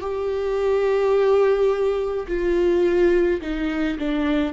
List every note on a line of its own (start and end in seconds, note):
0.00 2.26 G4
2.27 3.41 F4
3.41 3.97 D#4
3.98 4.53 D4